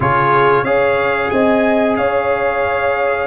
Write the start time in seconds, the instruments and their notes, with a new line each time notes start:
0.00 tuba C#3, trombone F4, horn G#4, trumpet C#5
0.63 tuba C#4, trombone G#4, horn C#5, trumpet F5
1.30 tuba C4, horn D#5, trumpet G#5
1.96 tuba C#4, horn C#5, trumpet F5